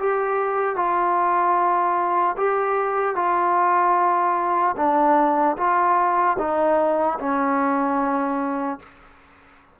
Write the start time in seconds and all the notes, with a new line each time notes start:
0.00 G4
0.76 F4
2.37 G4
3.16 F4
4.77 D4
5.57 F4
6.39 D#4
7.20 C#4